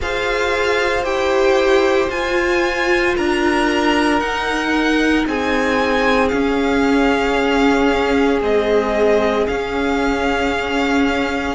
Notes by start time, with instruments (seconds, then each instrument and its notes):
0.00 cello F4, viola G#4, violin C5 F5
1.03 cello E4, viola G4, violin G5
2.09 cello F4, viola F4, violin G#5
3.16 cello D4, violin A#4 A#5
4.19 cello D#4, viola D#4, violin F#5
5.26 cello C4, violin G#4 G#5
6.28 viola C#4, cello C#4, violin F5
8.41 viola G#3, cello C4, violin D#5
9.47 viola C#4, cello C#4, violin F5